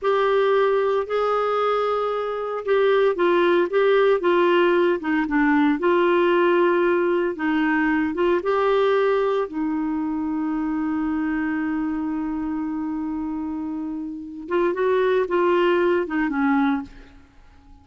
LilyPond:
\new Staff \with { instrumentName = "clarinet" } { \time 4/4 \tempo 4 = 114 g'2 gis'2~ | gis'4 g'4 f'4 g'4 | f'4. dis'8 d'4 f'4~ | f'2 dis'4. f'8 |
g'2 dis'2~ | dis'1~ | dis'2.~ dis'8 f'8 | fis'4 f'4. dis'8 cis'4 | }